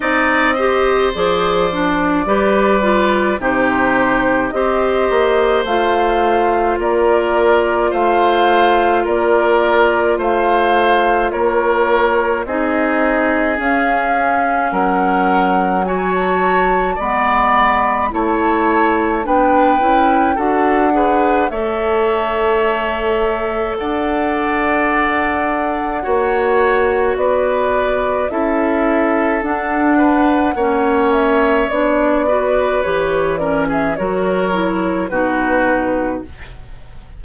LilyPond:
<<
  \new Staff \with { instrumentName = "flute" } { \time 4/4 \tempo 4 = 53 dis''4 d''2 c''4 | dis''4 f''4 d''4 f''4 | d''4 f''4 cis''4 dis''4 | f''4 fis''4 gis''16 a''8. b''4 |
a''4 g''4 fis''4 e''4~ | e''4 fis''2. | d''4 e''4 fis''4. e''8 | d''4 cis''8 d''16 e''16 cis''4 b'4 | }
  \new Staff \with { instrumentName = "oboe" } { \time 4/4 d''8 c''4. b'4 g'4 | c''2 ais'4 c''4 | ais'4 c''4 ais'4 gis'4~ | gis'4 ais'4 cis''4 d''4 |
cis''4 b'4 a'8 b'8 cis''4~ | cis''4 d''2 cis''4 | b'4 a'4. b'8 cis''4~ | cis''8 b'4 ais'16 gis'16 ais'4 fis'4 | }
  \new Staff \with { instrumentName = "clarinet" } { \time 4/4 dis'8 g'8 gis'8 d'8 g'8 f'8 dis'4 | g'4 f'2.~ | f'2. dis'4 | cis'2 fis'4 b4 |
e'4 d'8 e'8 fis'8 gis'8 a'4~ | a'2. fis'4~ | fis'4 e'4 d'4 cis'4 | d'8 fis'8 g'8 cis'8 fis'8 e'8 dis'4 | }
  \new Staff \with { instrumentName = "bassoon" } { \time 4/4 c'4 f4 g4 c4 | c'8 ais8 a4 ais4 a4 | ais4 a4 ais4 c'4 | cis'4 fis2 gis4 |
a4 b8 cis'8 d'4 a4~ | a4 d'2 ais4 | b4 cis'4 d'4 ais4 | b4 e4 fis4 b,4 | }
>>